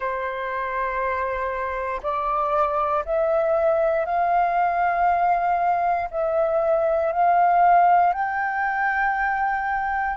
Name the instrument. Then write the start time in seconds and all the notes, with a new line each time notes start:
flute
0.00 C5
2.02 D5
3.05 E5
4.05 F5
6.10 E5
7.12 F5
8.13 G5